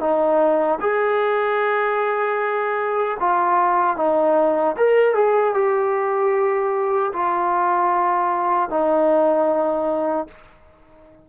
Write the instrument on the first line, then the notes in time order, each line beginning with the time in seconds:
trombone
0.00 D#4
0.81 G#4
3.20 F4
3.97 D#4
4.77 A#4
5.15 G#4
5.54 G4
7.13 F4
8.70 D#4